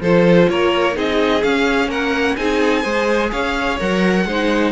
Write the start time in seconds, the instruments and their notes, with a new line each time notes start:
0.00 cello F3, violin A4 C5
0.06 viola F4
0.49 cello A#3, violin A#4 C#5
0.93 cello C4, viola D#4, violin G#4 D#5
1.43 cello C#4, viola C#4, violin F5
1.88 cello A#3, violin A#4 F#5
2.37 cello C4, viola D#4, violin G#4 G#5
2.83 cello G#3, viola G#4, violin C5
3.32 cello C#4, violin C#5 F5
3.80 cello F#3, viola A#4, violin F#5
4.25 cello G#3, viola D#4, violin C5